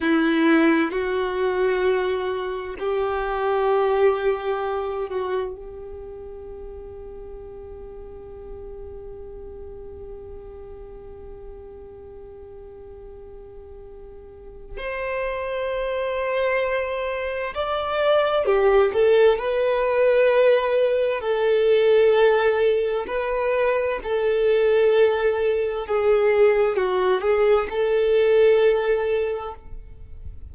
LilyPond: \new Staff \with { instrumentName = "violin" } { \time 4/4 \tempo 4 = 65 e'4 fis'2 g'4~ | g'4. fis'8 g'2~ | g'1~ | g'1 |
c''2. d''4 | g'8 a'8 b'2 a'4~ | a'4 b'4 a'2 | gis'4 fis'8 gis'8 a'2 | }